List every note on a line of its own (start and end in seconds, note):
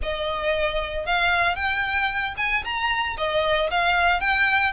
0.02 1.06 D#5
1.06 1.55 F5
1.55 2.34 G5
2.37 2.63 G#5
2.64 3.17 A#5
3.17 3.70 D#5
3.70 4.20 F5
4.20 4.72 G5